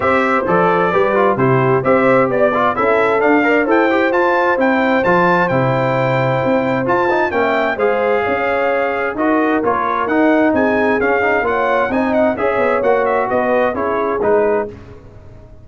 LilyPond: <<
  \new Staff \with { instrumentName = "trumpet" } { \time 4/4 \tempo 4 = 131 e''4 d''2 c''4 | e''4 d''4 e''4 f''4 | g''4 a''4 g''4 a''4 | g''2. a''4 |
g''4 f''2. | dis''4 cis''4 fis''4 gis''4 | f''4 fis''4 gis''8 fis''8 e''4 | fis''8 e''8 dis''4 cis''4 b'4 | }
  \new Staff \with { instrumentName = "horn" } { \time 4/4 c''2 b'4 g'4 | c''4 d''4 a'4. d''8 | c''1~ | c''1 |
e''4 c''4 cis''2 | ais'2. gis'4~ | gis'4 cis''4 dis''4 cis''4~ | cis''4 b'4 gis'2 | }
  \new Staff \with { instrumentName = "trombone" } { \time 4/4 g'4 a'4 g'8 f'8 e'4 | g'4. f'8 e'4 d'8 ais'8 | a'8 g'8 f'4 e'4 f'4 | e'2. f'8 dis'8 |
cis'4 gis'2. | fis'4 f'4 dis'2 | cis'8 dis'8 f'4 dis'4 gis'4 | fis'2 e'4 dis'4 | }
  \new Staff \with { instrumentName = "tuba" } { \time 4/4 c'4 f4 g4 c4 | c'4 b4 cis'4 d'4 | e'4 f'4 c'4 f4 | c2 c'4 f'4 |
ais4 gis4 cis'2 | dis'4 ais4 dis'4 c'4 | cis'4 ais4 c'4 cis'8 b8 | ais4 b4 cis'4 gis4 | }
>>